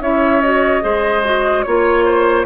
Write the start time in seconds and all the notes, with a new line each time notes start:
0.00 C#4 E4 C#5 E5
0.41 F#4 D#5
0.81 G#3 G#4 C5
1.24 F#4
1.63 A#3 F4 C#5
2.05 C5